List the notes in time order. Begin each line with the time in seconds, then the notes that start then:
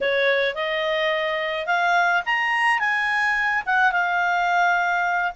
0.01 C#5
0.55 D#5
1.66 F5
2.25 A#5
2.79 G#5
3.66 F#5
3.92 F5